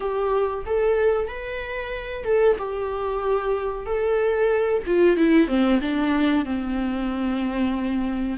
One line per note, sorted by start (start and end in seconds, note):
0.00 0.65 G4
0.66 1.27 A4
1.27 2.24 B4
2.24 2.56 A4
2.58 3.86 G4
3.86 4.82 A4
4.86 5.16 F4
5.16 5.47 E4
5.47 5.79 C4
5.81 6.45 D4
6.45 8.37 C4